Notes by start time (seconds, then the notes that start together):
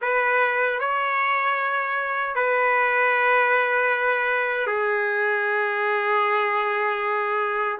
0.01 B4
0.79 C#5
2.35 B4
4.66 G#4